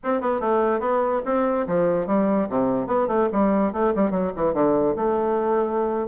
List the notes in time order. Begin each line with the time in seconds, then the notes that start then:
0.03 C4
0.21 B3
0.40 A3
0.80 B3
1.25 C4
1.67 F3
2.07 G3
2.49 C3
2.86 B3
3.07 A3
3.32 G3
3.72 A3
3.95 G3
4.11 F#3
4.36 E3
4.53 D3
4.96 A3